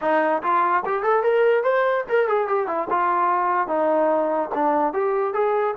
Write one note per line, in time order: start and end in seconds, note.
0.01 0.42 D#4
0.42 0.83 F4
0.85 1.03 G4
1.03 1.23 A4
1.23 1.63 A#4
1.63 2.04 C5
2.08 2.28 A#4
2.28 2.47 G#4
2.47 2.67 G4
2.67 2.87 E4
2.90 3.67 F4
3.67 4.49 D#4
4.54 4.93 D4
4.93 5.33 G4
5.33 5.74 G#4